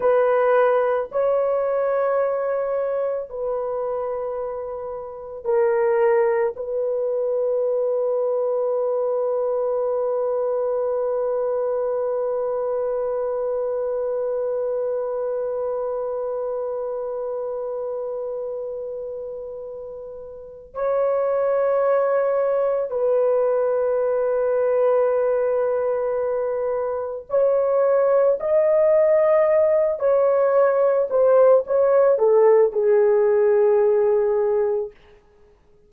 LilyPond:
\new Staff \with { instrumentName = "horn" } { \time 4/4 \tempo 4 = 55 b'4 cis''2 b'4~ | b'4 ais'4 b'2~ | b'1~ | b'1~ |
b'2. cis''4~ | cis''4 b'2.~ | b'4 cis''4 dis''4. cis''8~ | cis''8 c''8 cis''8 a'8 gis'2 | }